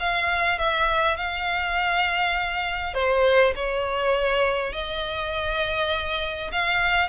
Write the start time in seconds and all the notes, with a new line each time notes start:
0.00 F5
0.59 E5
1.17 F5
2.94 C5
3.56 C#5
4.73 D#5
6.52 F5